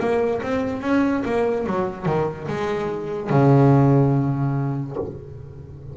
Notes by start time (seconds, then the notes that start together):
0.00 A#3
0.43 C4
0.82 C#4
1.25 A#3
1.67 F#3
2.06 D#3
2.48 G#3
3.30 C#3